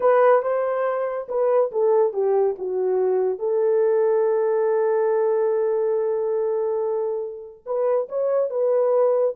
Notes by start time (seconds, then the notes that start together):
0.00 B4
0.42 C5
1.28 B4
1.71 A4
2.13 G4
2.58 F#4
3.38 A4
7.66 B4
8.08 C#5
8.50 B4